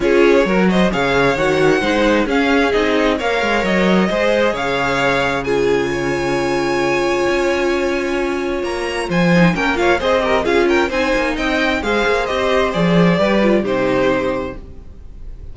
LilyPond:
<<
  \new Staff \with { instrumentName = "violin" } { \time 4/4 \tempo 4 = 132 cis''4. dis''8 f''4 fis''4~ | fis''4 f''4 dis''4 f''4 | dis''2 f''2 | gis''1~ |
gis''2. ais''4 | gis''4 g''8 f''8 dis''4 f''8 g''8 | gis''4 g''4 f''4 dis''4 | d''2 c''2 | }
  \new Staff \with { instrumentName = "violin" } { \time 4/4 gis'4 ais'8 c''8 cis''2 | c''4 gis'2 cis''4~ | cis''4 c''4 cis''2 | gis'4 cis''2.~ |
cis''1 | c''4 ais'8 cis''8 c''8 ais'8 gis'8 ais'8 | c''4 dis''4 c''2~ | c''4 b'4 g'2 | }
  \new Staff \with { instrumentName = "viola" } { \time 4/4 f'4 fis'4 gis'4 fis'4 | dis'4 cis'4 dis'4 ais'4~ | ais'4 gis'2. | f'1~ |
f'1~ | f'8 dis'8 cis'8 f'8 gis'8 g'8 f'4 | dis'2 gis'4 g'4 | gis'4 g'8 f'8 dis'2 | }
  \new Staff \with { instrumentName = "cello" } { \time 4/4 cis'4 fis4 cis4 dis4 | gis4 cis'4 c'4 ais8 gis8 | fis4 gis4 cis2~ | cis1 |
cis'2. ais4 | f4 ais4 c'4 cis'4 | c'8 ais8 c'4 gis8 ais8 c'4 | f4 g4 c2 | }
>>